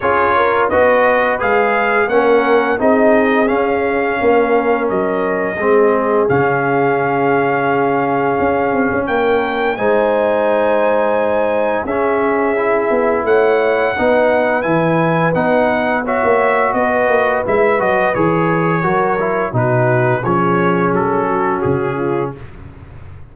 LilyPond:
<<
  \new Staff \with { instrumentName = "trumpet" } { \time 4/4 \tempo 4 = 86 cis''4 dis''4 f''4 fis''4 | dis''4 f''2 dis''4~ | dis''4 f''2.~ | f''4 g''4 gis''2~ |
gis''4 e''2 fis''4~ | fis''4 gis''4 fis''4 e''4 | dis''4 e''8 dis''8 cis''2 | b'4 cis''4 a'4 gis'4 | }
  \new Staff \with { instrumentName = "horn" } { \time 4/4 gis'8 ais'8 b'2 ais'4 | gis'2 ais'2 | gis'1~ | gis'4 ais'4 c''2~ |
c''4 gis'2 cis''4 | b'2. cis''4 | b'2. ais'4 | fis'4 gis'4. fis'4 f'8 | }
  \new Staff \with { instrumentName = "trombone" } { \time 4/4 f'4 fis'4 gis'4 cis'4 | dis'4 cis'2. | c'4 cis'2.~ | cis'2 dis'2~ |
dis'4 cis'4 e'2 | dis'4 e'4 dis'4 fis'4~ | fis'4 e'8 fis'8 gis'4 fis'8 e'8 | dis'4 cis'2. | }
  \new Staff \with { instrumentName = "tuba" } { \time 4/4 cis'4 b4 gis4 ais4 | c'4 cis'4 ais4 fis4 | gis4 cis2. | cis'8 c'16 cis'16 ais4 gis2~ |
gis4 cis'4. b8 a4 | b4 e4 b4~ b16 ais8. | b8 ais8 gis8 fis8 e4 fis4 | b,4 f4 fis4 cis4 | }
>>